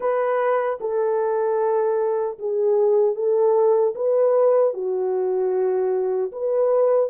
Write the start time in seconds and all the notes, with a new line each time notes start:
0.00 B4
0.80 A4
2.39 G#4
3.15 A4
3.95 B4
4.73 F#4
6.32 B4